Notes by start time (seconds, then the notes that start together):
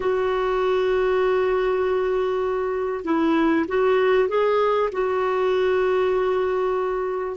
0.00 F#4
3.04 E4
3.68 F#4
4.28 G#4
4.91 F#4